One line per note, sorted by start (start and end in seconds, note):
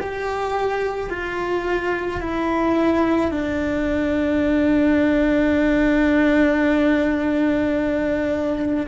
0.00 1.10 G4
1.10 2.21 F4
2.21 3.31 E4
3.31 8.86 D4